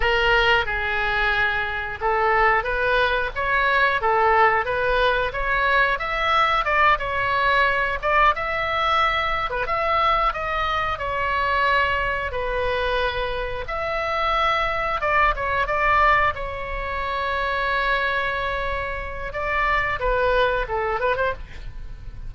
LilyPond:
\new Staff \with { instrumentName = "oboe" } { \time 4/4 \tempo 4 = 90 ais'4 gis'2 a'4 | b'4 cis''4 a'4 b'4 | cis''4 e''4 d''8 cis''4. | d''8 e''4.~ e''16 b'16 e''4 dis''8~ |
dis''8 cis''2 b'4.~ | b'8 e''2 d''8 cis''8 d''8~ | d''8 cis''2.~ cis''8~ | cis''4 d''4 b'4 a'8 b'16 c''16 | }